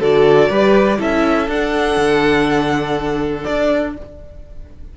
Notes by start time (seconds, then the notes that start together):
0.00 D3 F#4 A4 D5
0.49 G3 G4 B4
0.99 C#4 E4 A4 E5
1.48 D4 F#5
1.97 D3
3.44 D4 D5